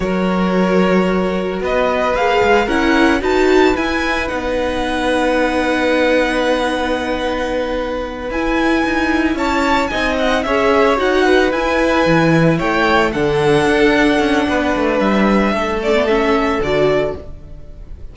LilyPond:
<<
  \new Staff \with { instrumentName = "violin" } { \time 4/4 \tempo 4 = 112 cis''2. dis''4 | f''4 fis''4 a''4 gis''4 | fis''1~ | fis''2.~ fis''8 gis''8~ |
gis''4. a''4 gis''8 fis''8 e''8~ | e''8 fis''4 gis''2 g''8~ | g''8 fis''2.~ fis''8 | e''4. d''8 e''4 d''4 | }
  \new Staff \with { instrumentName = "violin" } { \time 4/4 ais'2. b'4~ | b'4 ais'4 b'2~ | b'1~ | b'1~ |
b'4. cis''4 dis''4 cis''8~ | cis''4 b'2~ b'8 cis''8~ | cis''8 a'2~ a'8 b'4~ | b'4 a'2. | }
  \new Staff \with { instrumentName = "viola" } { \time 4/4 fis'1 | gis'4 e'4 fis'4 e'4 | dis'1~ | dis'2.~ dis'8 e'8~ |
e'2~ e'8 dis'4 gis'8~ | gis'8 fis'4 e'2~ e'8~ | e'8 d'2.~ d'8~ | d'4. cis'16 b16 cis'4 fis'4 | }
  \new Staff \with { instrumentName = "cello" } { \time 4/4 fis2. b4 | ais8 gis8 cis'4 dis'4 e'4 | b1~ | b2.~ b8 e'8~ |
e'8 dis'4 cis'4 c'4 cis'8~ | cis'8 dis'4 e'4 e4 a8~ | a8 d4 d'4 cis'8 b8 a8 | g4 a2 d4 | }
>>